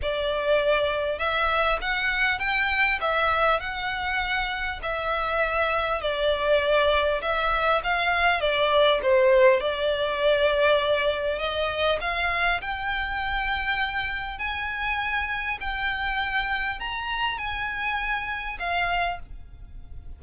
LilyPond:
\new Staff \with { instrumentName = "violin" } { \time 4/4 \tempo 4 = 100 d''2 e''4 fis''4 | g''4 e''4 fis''2 | e''2 d''2 | e''4 f''4 d''4 c''4 |
d''2. dis''4 | f''4 g''2. | gis''2 g''2 | ais''4 gis''2 f''4 | }